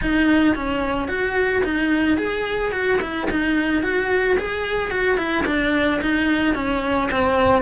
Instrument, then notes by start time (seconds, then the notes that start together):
cello
0.01 D#4
0.55 C#4
1.08 F#4
1.63 D#4
2.17 G#4
2.71 F#4
3.01 E4
3.30 D#4
3.82 F#4
4.38 G#4
4.91 F#4
5.17 E4
5.46 D4
6.01 D#4
6.55 C#4
7.11 C4